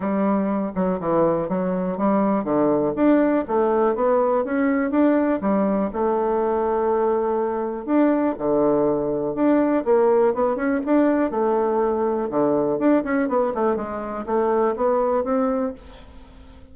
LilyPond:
\new Staff \with { instrumentName = "bassoon" } { \time 4/4 \tempo 4 = 122 g4. fis8 e4 fis4 | g4 d4 d'4 a4 | b4 cis'4 d'4 g4 | a1 |
d'4 d2 d'4 | ais4 b8 cis'8 d'4 a4~ | a4 d4 d'8 cis'8 b8 a8 | gis4 a4 b4 c'4 | }